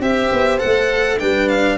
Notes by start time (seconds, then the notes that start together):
0.00 C4 G4 C5 E5
0.32 B3
0.58 A3 A4 F#5
1.19 G3 D4 B4 G5
1.48 F5